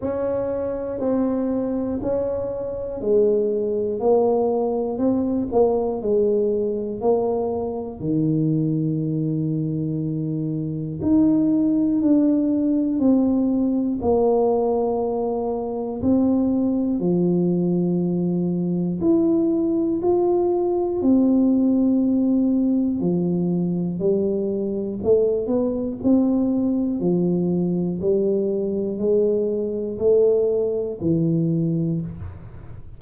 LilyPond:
\new Staff \with { instrumentName = "tuba" } { \time 4/4 \tempo 4 = 60 cis'4 c'4 cis'4 gis4 | ais4 c'8 ais8 gis4 ais4 | dis2. dis'4 | d'4 c'4 ais2 |
c'4 f2 e'4 | f'4 c'2 f4 | g4 a8 b8 c'4 f4 | g4 gis4 a4 e4 | }